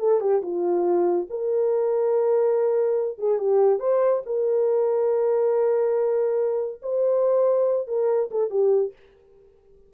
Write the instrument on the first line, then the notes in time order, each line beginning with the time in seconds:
horn
0.00 A4
0.21 G4
0.43 F4
1.30 A#4
3.19 G#4
3.39 G4
3.80 C5
4.26 A#4
6.83 C5
7.88 A#4
8.32 A4
8.51 G4